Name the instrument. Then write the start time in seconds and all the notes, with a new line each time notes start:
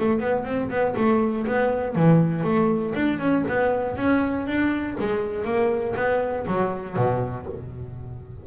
double bass
0.00 A3
0.20 B3
0.45 C4
0.70 B3
0.97 A3
1.47 B3
1.95 E3
2.44 A3
2.95 D4
3.20 C#4
3.49 B3
3.97 C#4
4.47 D4
5.00 G#3
5.45 A#3
5.97 B3
6.47 F#3
6.97 B2